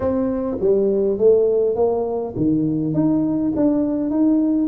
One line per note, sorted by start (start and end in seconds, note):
0.00 0.57 C4
0.60 1.18 G3
1.18 1.75 A3
1.75 2.34 A#3
2.36 2.94 D#3
2.94 3.52 D#4
3.56 4.10 D4
4.10 4.68 D#4